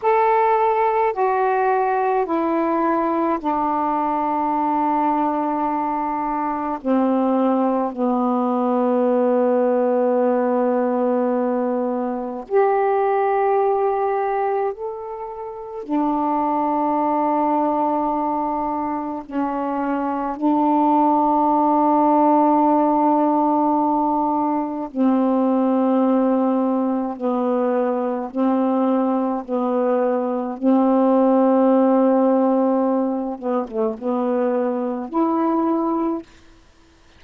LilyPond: \new Staff \with { instrumentName = "saxophone" } { \time 4/4 \tempo 4 = 53 a'4 fis'4 e'4 d'4~ | d'2 c'4 b4~ | b2. g'4~ | g'4 a'4 d'2~ |
d'4 cis'4 d'2~ | d'2 c'2 | b4 c'4 b4 c'4~ | c'4. b16 a16 b4 e'4 | }